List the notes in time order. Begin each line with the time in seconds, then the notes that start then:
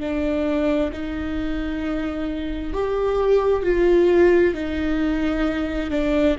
0.00 D4
0.92 D#4
2.73 G4
3.63 F4
4.54 D#4
5.90 D4